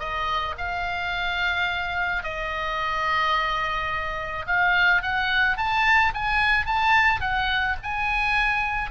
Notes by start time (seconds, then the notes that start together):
0.00 D#5
0.58 F5
2.24 D#5
4.47 F5
5.03 F#5
5.58 A5
6.15 G#5
6.66 A5
7.21 F#5
7.83 G#5